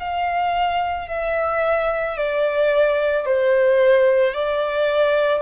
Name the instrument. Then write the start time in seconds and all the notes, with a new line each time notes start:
violin
0.00 F5
1.08 E5
2.17 D5
3.26 C5
4.34 D5